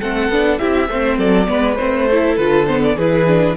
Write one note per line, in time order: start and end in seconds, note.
0.00 0.29 A3
0.00 0.31 C4
0.00 0.59 A4
0.00 0.58 F#5
0.29 0.58 B3
0.29 0.59 D4
0.58 0.88 C4
0.58 0.88 E4
0.58 0.89 G4
0.58 1.17 E5
0.88 1.17 A3
0.88 1.47 C4
0.88 1.18 C5
1.17 1.47 F#3
1.17 1.47 A4
1.17 1.75 D5
1.47 1.78 G#3
1.47 1.76 B3
1.47 2.08 B4
1.75 2.37 A3
1.75 2.08 C4
1.75 2.35 C5
2.09 2.39 E4
2.09 2.96 A4
2.36 2.96 D3
2.36 2.67 F4
2.36 2.65 B4
2.65 2.97 B3
2.65 2.80 C5
2.83 2.98 D5
2.96 3.55 E3
2.96 3.26 E4
2.96 3.55 G#4
2.96 3.56 B4
3.26 3.56 D4